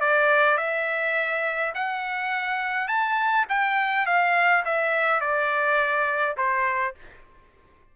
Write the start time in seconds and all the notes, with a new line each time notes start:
0.00 D5
0.57 E5
1.74 F#5
2.88 A5
3.49 G5
4.06 F5
4.65 E5
5.21 D5
6.37 C5